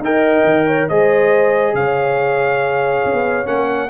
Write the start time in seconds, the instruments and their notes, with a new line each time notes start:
0.00 tuba D#4, trombone A#4, horn D#5, trumpet G5
0.44 tuba D#3
0.66 horn C#5
0.89 tuba G#3, trombone G#4, horn C5, trumpet D#5
1.74 tuba C#3, horn C#5, trumpet F5
3.05 tuba C#4
3.12 tuba B3
3.46 tuba A#3, trombone C#4, trumpet F#5